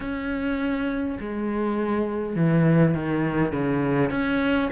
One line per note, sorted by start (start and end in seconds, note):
0.00 1.18 C#4
1.20 2.35 G#3
2.35 2.94 E3
2.94 3.52 D#3
3.52 4.10 C#3
4.10 4.68 C#4